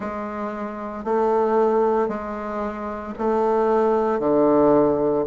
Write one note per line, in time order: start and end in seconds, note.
0.00 1.04 G#3
1.04 2.08 A3
2.08 3.13 G#3
3.18 4.19 A3
4.19 5.24 D3